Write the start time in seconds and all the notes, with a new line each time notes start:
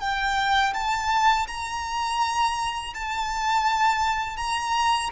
0.00 G5
0.74 A5
1.47 A#5
2.94 A5
4.37 A#5